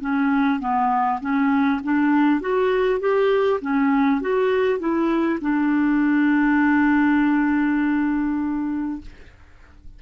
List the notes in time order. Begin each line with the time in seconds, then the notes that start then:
0.00 C#4
0.59 B3
1.20 C#4
1.83 D4
2.40 F#4
2.99 G4
3.61 C#4
4.21 F#4
4.79 E4
5.41 D4